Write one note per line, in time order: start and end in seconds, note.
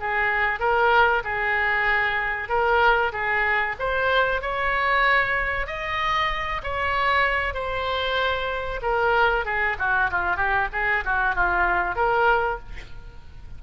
0.00 0.60 G#4
0.60 1.23 A#4
1.24 2.49 G#4
2.49 3.12 A#4
3.12 3.76 G#4
3.79 4.42 C5
4.42 5.67 C#5
5.67 6.62 D#5
6.63 7.54 C#5
7.54 8.80 C5
8.82 9.45 A#4
9.45 9.77 G#4
9.79 10.10 F#4
10.11 10.36 F4
10.36 10.68 G4
10.72 11.04 G#4
11.05 11.35 F#4
11.35 11.95 F4
11.95 12.59 A#4